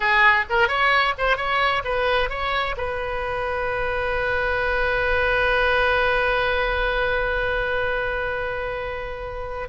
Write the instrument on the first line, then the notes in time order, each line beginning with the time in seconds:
oboe
0.00 G#4
0.49 A#4
0.68 C#5
1.18 C5
1.36 C#5
1.84 B4
2.29 C#5
2.77 B4